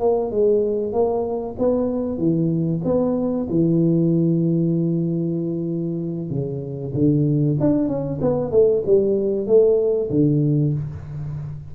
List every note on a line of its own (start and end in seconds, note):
0.00 0.31 A#3
0.31 0.93 G#3
0.93 1.56 A#3
1.59 2.18 B3
2.18 2.82 E3
2.84 3.48 B3
3.50 6.30 E3
6.30 6.94 C#3
6.95 7.58 D3
7.60 7.88 D4
7.88 8.20 C#4
8.21 8.51 B3
8.51 8.83 A3
8.86 9.47 G3
9.47 10.10 A3
10.10 10.73 D3